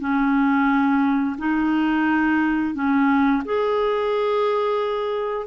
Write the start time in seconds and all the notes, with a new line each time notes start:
0.00 C#4
1.38 D#4
2.75 C#4
3.45 G#4